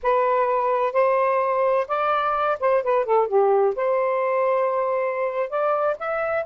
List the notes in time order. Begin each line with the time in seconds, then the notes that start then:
0.02 B4
0.92 C5
1.87 D5
2.60 C5
2.83 B4
3.05 A4
3.27 G4
3.75 C5
5.49 D5
5.99 E5